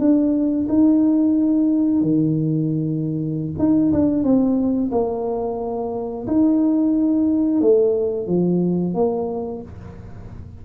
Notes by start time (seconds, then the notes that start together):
0.00 D4
0.69 D#4
2.02 D#3
3.59 D#4
3.93 D4
4.24 C4
4.92 A#3
6.27 D#4
7.61 A3
8.28 F3
8.95 A#3